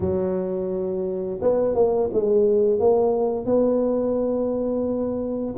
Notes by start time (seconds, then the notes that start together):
0.00 F#3
1.41 B3
1.74 A#3
2.13 G#3
2.79 A#3
3.45 B3